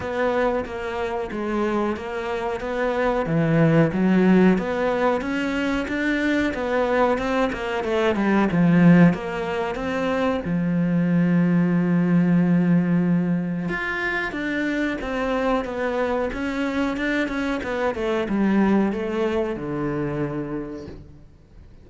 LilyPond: \new Staff \with { instrumentName = "cello" } { \time 4/4 \tempo 4 = 92 b4 ais4 gis4 ais4 | b4 e4 fis4 b4 | cis'4 d'4 b4 c'8 ais8 | a8 g8 f4 ais4 c'4 |
f1~ | f4 f'4 d'4 c'4 | b4 cis'4 d'8 cis'8 b8 a8 | g4 a4 d2 | }